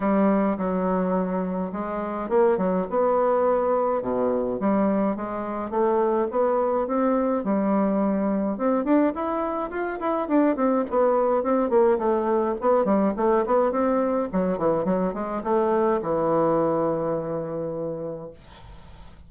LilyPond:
\new Staff \with { instrumentName = "bassoon" } { \time 4/4 \tempo 4 = 105 g4 fis2 gis4 | ais8 fis8 b2 b,4 | g4 gis4 a4 b4 | c'4 g2 c'8 d'8 |
e'4 f'8 e'8 d'8 c'8 b4 | c'8 ais8 a4 b8 g8 a8 b8 | c'4 fis8 e8 fis8 gis8 a4 | e1 | }